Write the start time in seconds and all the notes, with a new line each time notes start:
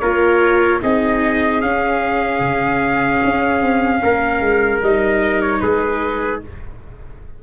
0.00 A#3 F4 A#4 C#5
0.82 C4 D#4 G#4 D#5
1.62 C#4 F5
2.40 C#3
3.24 C#4
3.62 C4
4.03 A#3 A#4
4.41 G#3
4.82 G3 D#4 D#5
5.42 C#5
5.61 G#3 G#4 B4